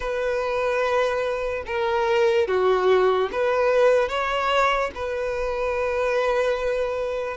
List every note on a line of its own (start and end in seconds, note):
0.00 1.64 B4
1.66 2.47 A#4
2.47 3.29 F#4
3.31 4.08 B4
4.08 4.91 C#5
4.95 7.37 B4